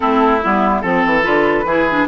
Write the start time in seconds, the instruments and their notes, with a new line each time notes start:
0.00 bassoon A3, clarinet C4, oboe E4, flute A4
0.42 bassoon G3, clarinet B3, flute E4
0.81 bassoon F3, clarinet C4, oboe A4, flute A4
1.05 bassoon E3
1.23 bassoon D3, clarinet F4, flute B4
1.64 bassoon E3, clarinet E4, oboe G#4
1.89 clarinet D4